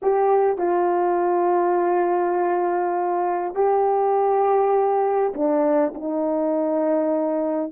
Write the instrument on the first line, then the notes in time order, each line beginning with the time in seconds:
horn
0.02 G4
0.58 F4
3.55 G4
5.33 D4
5.94 D#4